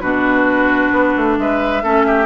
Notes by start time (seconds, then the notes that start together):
0.00 B2 D4 F#4 B4
0.91 B3
1.16 A3
1.38 G#3 B4 E5
1.83 A3 C#4 A4
2.06 G4